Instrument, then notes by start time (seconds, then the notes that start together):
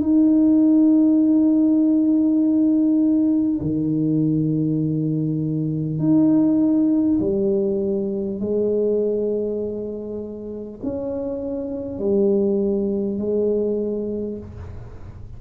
tuba
0.00 D#4
3.60 D#3
5.98 D#4
7.20 G3
8.39 G#3
10.83 C#4
11.98 G3
13.17 G#3